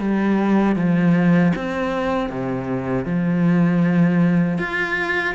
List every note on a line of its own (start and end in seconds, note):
0.00 0.76 G3
0.76 1.53 F3
1.56 2.30 C4
2.30 3.05 C3
3.05 4.58 F3
4.58 5.35 F4